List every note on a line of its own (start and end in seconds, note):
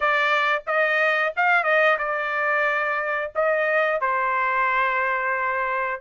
0.00 0.62 D5
0.66 1.33 D#5
1.36 1.63 F5
1.63 1.97 D#5
1.98 3.32 D5
3.35 4.00 D#5
4.00 6.00 C5